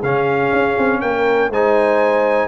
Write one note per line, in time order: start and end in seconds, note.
0.00 0.52 C#3
0.00 1.53 C#4
0.00 0.98 G#4
0.00 1.01 F5
0.53 0.77 C#4
0.78 1.03 C4
1.01 1.50 A#3
1.01 1.51 A#4
1.01 1.51 G5
1.50 2.48 G#3
1.50 2.48 D#4
1.50 2.48 C5
1.50 2.48 G#5